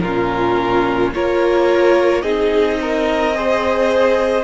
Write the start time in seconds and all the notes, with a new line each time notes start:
0.00 A#2 C#4 F4 A#4
1.14 A#3 F4 A#4 C#5
2.22 C4 D#4 G#4 D#5
2.81 A#4
3.35 G#4 C5